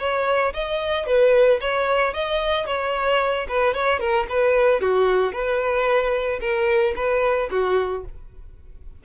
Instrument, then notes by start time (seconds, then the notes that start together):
violin
0.00 C#5
0.54 D#5
1.07 B4
1.61 C#5
2.14 D#5
2.67 C#5
3.49 B4
3.74 C#5
4.00 A#4
4.30 B4
4.81 F#4
5.33 B4
6.41 A#4
6.96 B4
7.51 F#4